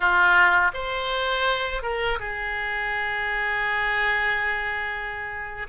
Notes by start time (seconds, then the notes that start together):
0.00 F4
0.73 C5
1.82 A#4
2.19 G#4